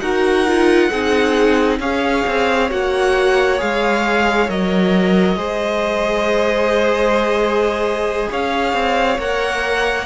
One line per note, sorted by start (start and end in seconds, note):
0.00 0.90 D#4
0.00 0.46 F#4
0.00 0.90 A#4
0.00 1.79 F#5
0.46 0.91 F4
0.90 1.79 C4
0.90 1.80 D#4
0.90 1.79 G#4
1.79 2.24 C#4
1.79 2.70 G#4
1.79 5.38 C#5
1.79 2.70 F5
2.27 2.71 C4
2.70 3.60 A#3
2.70 3.58 F#4
2.70 3.60 F#5
3.58 4.49 G#3
3.58 4.48 G#4
3.58 4.50 F5
4.48 5.36 F#3
4.48 5.37 A#4
4.48 8.30 D#5
5.36 8.27 G#3
5.36 9.18 G#4
5.36 8.29 C5
8.30 8.73 C#4
8.30 10.06 C#5
8.30 9.20 F5
8.73 9.18 C4
9.18 10.06 A#3
9.18 10.06 A#4
9.18 10.06 F#5